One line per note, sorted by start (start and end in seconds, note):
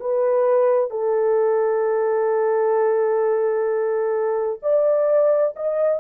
0.00 0.91 B4
0.91 4.60 A4
4.62 5.55 D5
5.56 6.00 D#5